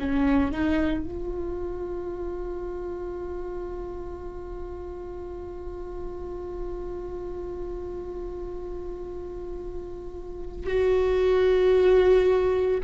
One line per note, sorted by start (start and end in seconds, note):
0.00 0.52 C#4
0.52 1.05 D#4
1.05 10.67 F4
10.67 12.81 F#4